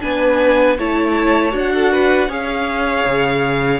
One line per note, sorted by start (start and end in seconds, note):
0.00 0.78 B3
0.00 0.76 D4
0.00 0.78 B4
0.00 0.77 G#5
0.78 1.53 A3
0.78 1.51 E4
0.78 1.72 C#5
0.78 1.54 A5
1.51 2.28 D4
1.51 2.27 F#4
1.58 2.32 F#5
1.73 1.92 A4
1.92 2.28 B4
2.28 3.04 C#4
2.28 3.80 G#4
2.28 3.80 C#5
2.28 3.80 F5
3.05 3.80 C#3